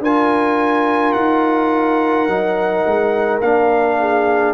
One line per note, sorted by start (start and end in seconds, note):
0.00 1.13 D4
0.00 2.29 F4
0.00 3.99 A#4
0.00 1.13 G#5
1.13 2.28 D#4
1.13 3.39 F#5
2.28 2.85 F#3
2.28 3.42 D#4
2.86 3.41 G#3
3.41 4.54 A#3
3.41 4.54 D4
3.41 4.54 F5
4.00 4.54 G#4